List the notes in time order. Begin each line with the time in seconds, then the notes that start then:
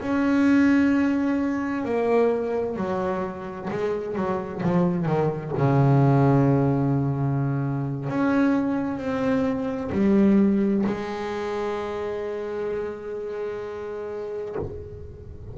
0.00 C#4
1.85 A#3
2.76 F#3
3.69 G#3
4.15 F#3
4.62 F3
5.05 D#3
5.57 C#3
8.09 C#4
8.97 C4
9.92 G3
10.86 G#3